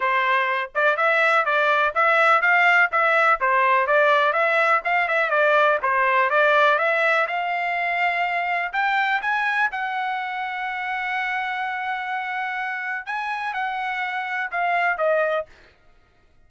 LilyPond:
\new Staff \with { instrumentName = "trumpet" } { \time 4/4 \tempo 4 = 124 c''4. d''8 e''4 d''4 | e''4 f''4 e''4 c''4 | d''4 e''4 f''8 e''8 d''4 | c''4 d''4 e''4 f''4~ |
f''2 g''4 gis''4 | fis''1~ | fis''2. gis''4 | fis''2 f''4 dis''4 | }